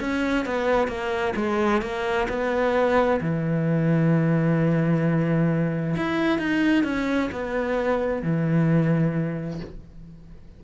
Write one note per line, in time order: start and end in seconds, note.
0.00 0.45 C#4
0.45 0.88 B3
0.88 1.33 A#3
1.36 1.82 G#3
1.82 2.28 A#3
2.29 3.20 B3
3.21 5.96 E3
5.97 6.39 E4
6.39 6.84 D#4
6.84 7.30 C#4
7.32 8.23 B3
8.23 9.60 E3